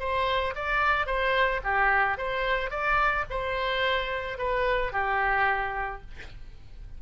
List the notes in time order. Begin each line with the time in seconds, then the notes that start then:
0.00 C5
0.55 D5
1.06 C5
1.64 G4
2.18 C5
2.70 D5
3.30 C5
4.38 B4
4.92 G4